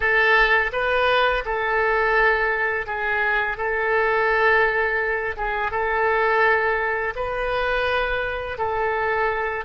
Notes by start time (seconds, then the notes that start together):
0.00 A4
0.72 B4
1.45 A4
2.86 G#4
3.57 A4
5.36 G#4
5.71 A4
7.15 B4
8.57 A4